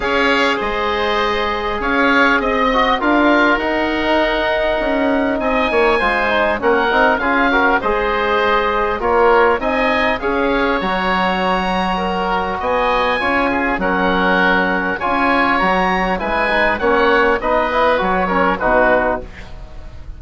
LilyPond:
<<
  \new Staff \with { instrumentName = "oboe" } { \time 4/4 \tempo 4 = 100 f''4 dis''2 f''4 | dis''4 f''4 fis''2~ | fis''4 gis''2 fis''4 | f''4 dis''2 cis''4 |
gis''4 f''4 ais''2~ | ais''4 gis''2 fis''4~ | fis''4 gis''4 ais''4 gis''4 | fis''4 dis''4 cis''4 b'4 | }
  \new Staff \with { instrumentName = "oboe" } { \time 4/4 cis''4 c''2 cis''4 | dis''4 ais'2.~ | ais'4 dis''8 cis''8 c''4 ais'4 | gis'8 ais'8 c''2 ais'4 |
dis''4 cis''2. | ais'4 dis''4 cis''8 gis'8 ais'4~ | ais'4 cis''2 b'4 | cis''4 b'4. ais'8 fis'4 | }
  \new Staff \with { instrumentName = "trombone" } { \time 4/4 gis'1~ | gis'8 fis'8 f'4 dis'2~ | dis'2 f'8 dis'8 cis'8 dis'8 | f'8 fis'8 gis'2 f'4 |
dis'4 gis'4 fis'2~ | fis'2 f'4 cis'4~ | cis'4 f'4 fis'4 e'8 dis'8 | cis'4 dis'8 e'8 fis'8 cis'8 dis'4 | }
  \new Staff \with { instrumentName = "bassoon" } { \time 4/4 cis'4 gis2 cis'4 | c'4 d'4 dis'2 | cis'4 c'8 ais8 gis4 ais8 c'8 | cis'4 gis2 ais4 |
c'4 cis'4 fis2~ | fis4 b4 cis'4 fis4~ | fis4 cis'4 fis4 gis4 | ais4 b4 fis4 b,4 | }
>>